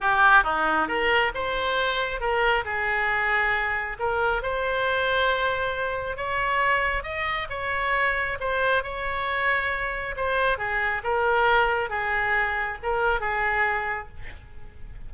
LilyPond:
\new Staff \with { instrumentName = "oboe" } { \time 4/4 \tempo 4 = 136 g'4 dis'4 ais'4 c''4~ | c''4 ais'4 gis'2~ | gis'4 ais'4 c''2~ | c''2 cis''2 |
dis''4 cis''2 c''4 | cis''2. c''4 | gis'4 ais'2 gis'4~ | gis'4 ais'4 gis'2 | }